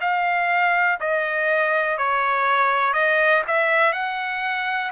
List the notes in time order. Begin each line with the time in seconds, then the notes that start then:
0.00 F5
1.00 D#5
1.97 C#5
2.93 D#5
3.47 E5
3.93 F#5